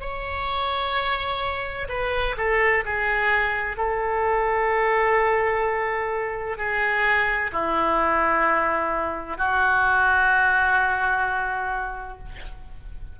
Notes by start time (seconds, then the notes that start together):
0.00 C#5
1.88 B4
2.37 A4
2.85 G#4
3.77 A4
6.57 G#4
7.52 E4
9.37 F#4